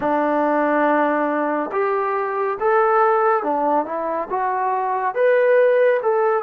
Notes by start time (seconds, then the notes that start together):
0.00 D4
1.72 G4
2.59 A4
3.43 D4
3.85 E4
4.30 F#4
5.14 B4
6.02 A4